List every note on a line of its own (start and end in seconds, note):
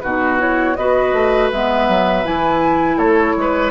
0.00 0.77 B2
0.00 0.38 D#4
0.00 0.77 F#4
0.00 0.37 B4
0.38 0.75 E4
0.38 0.76 C#5
0.76 1.13 B3
0.76 1.53 F#4
0.76 2.98 B4
0.76 1.50 D#5
1.13 1.50 A3
1.52 1.88 G#3
1.52 2.24 B3
1.52 2.26 E5
1.88 2.24 F#3
2.24 2.97 E3
2.24 3.71 E4
2.24 2.98 G#5
2.97 3.34 A3
2.97 3.35 A4
2.97 3.71 C#5
3.37 3.71 G#3
3.37 3.71 B4